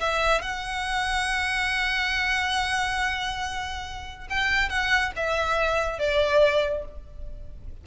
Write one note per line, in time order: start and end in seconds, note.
0.00 0.42 E5
0.42 4.27 F#5
4.30 4.69 G5
4.69 5.12 F#5
5.16 5.99 E5
5.99 6.84 D5